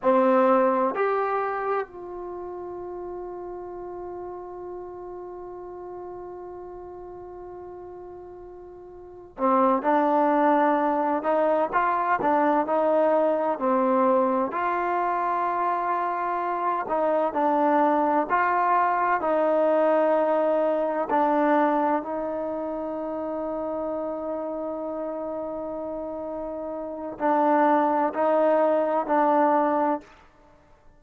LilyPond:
\new Staff \with { instrumentName = "trombone" } { \time 4/4 \tempo 4 = 64 c'4 g'4 f'2~ | f'1~ | f'2 c'8 d'4. | dis'8 f'8 d'8 dis'4 c'4 f'8~ |
f'2 dis'8 d'4 f'8~ | f'8 dis'2 d'4 dis'8~ | dis'1~ | dis'4 d'4 dis'4 d'4 | }